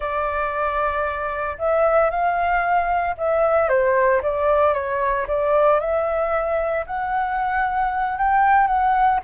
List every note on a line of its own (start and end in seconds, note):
0.00 1.57 D5
1.58 2.10 E5
2.10 3.15 F5
3.17 3.68 E5
3.68 4.21 C5
4.22 4.73 D5
4.73 5.26 C#5
5.27 5.79 D5
5.79 6.85 E5
6.86 8.18 F#5
8.18 8.67 G5
8.67 9.20 F#5